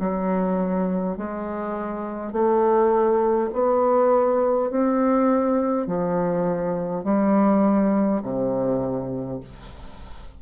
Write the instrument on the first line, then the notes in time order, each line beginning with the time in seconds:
bassoon
0.00 F#3
1.18 G#3
2.33 A3
3.53 B3
4.71 C4
5.87 F3
7.04 G3
8.22 C3